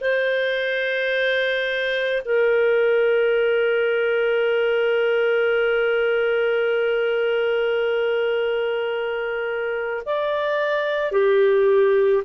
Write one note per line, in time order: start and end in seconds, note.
0.00 2.22 C5
2.25 10.03 A#4
10.05 11.11 D5
11.11 12.22 G4